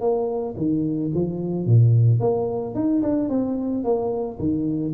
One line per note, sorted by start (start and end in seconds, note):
0.00 0.55 A#3
0.56 1.11 D#3
1.14 1.66 F3
1.66 2.20 A#2
2.20 2.74 A#3
2.74 3.02 D#4
3.02 3.29 D4
3.29 3.84 C4
3.84 4.38 A#3
4.39 4.93 D#3